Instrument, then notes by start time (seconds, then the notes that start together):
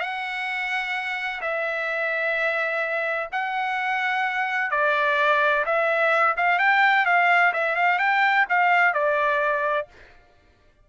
trumpet
0.00 F#5
1.41 E5
3.32 F#5
4.71 D5
5.65 E5
6.37 F5
6.59 G5
7.06 F5
7.53 E5
7.76 F5
7.99 G5
8.49 F5
8.93 D5